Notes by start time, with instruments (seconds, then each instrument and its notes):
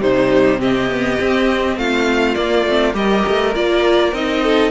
0.00 cello C3, viola G3, violin D#4 C5
0.59 viola C4, violin G4 D#5
0.89 viola B3
1.19 viola C4, cello C4
1.77 cello A3, violin F4 F5
2.34 viola A#3, cello A#3, violin D5
2.65 cello A3, viola C4
2.93 cello G3, viola G4, violin A#4 D#5
3.28 cello A3
3.54 cello A#3, viola F4, violin D5
4.12 cello C4, viola D#4, violin D#5
4.42 violin A4